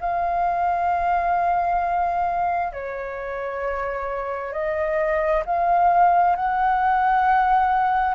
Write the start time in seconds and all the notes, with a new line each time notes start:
0.00 F5
2.72 C#5
4.52 D#5
5.45 F5
6.36 F#5